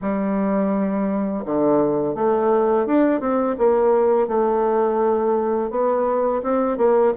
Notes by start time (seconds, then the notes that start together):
0.01 G3
1.45 D3
2.14 A3
2.86 D4
3.20 C4
3.57 A#3
4.27 A3
5.70 B3
6.43 C4
6.77 A#3